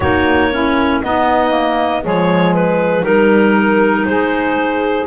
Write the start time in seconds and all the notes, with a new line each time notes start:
0.00 A#3 D#4 F#4 C#5
0.52 C#4 E4
1.02 B3 D#4 D#5
1.50 A#3
2.03 F3 G#3 G#4 C#5
2.54 B4
3.02 G3 D#4 A#4
4.05 G#3 G#4 C5